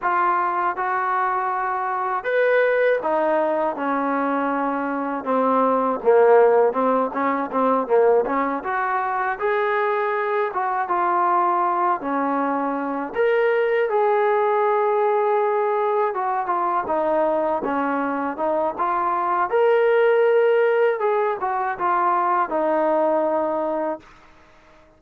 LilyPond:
\new Staff \with { instrumentName = "trombone" } { \time 4/4 \tempo 4 = 80 f'4 fis'2 b'4 | dis'4 cis'2 c'4 | ais4 c'8 cis'8 c'8 ais8 cis'8 fis'8~ | fis'8 gis'4. fis'8 f'4. |
cis'4. ais'4 gis'4.~ | gis'4. fis'8 f'8 dis'4 cis'8~ | cis'8 dis'8 f'4 ais'2 | gis'8 fis'8 f'4 dis'2 | }